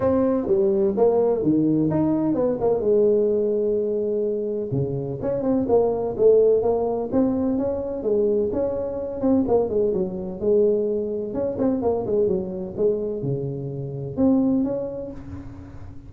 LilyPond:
\new Staff \with { instrumentName = "tuba" } { \time 4/4 \tempo 4 = 127 c'4 g4 ais4 dis4 | dis'4 b8 ais8 gis2~ | gis2 cis4 cis'8 c'8 | ais4 a4 ais4 c'4 |
cis'4 gis4 cis'4. c'8 | ais8 gis8 fis4 gis2 | cis'8 c'8 ais8 gis8 fis4 gis4 | cis2 c'4 cis'4 | }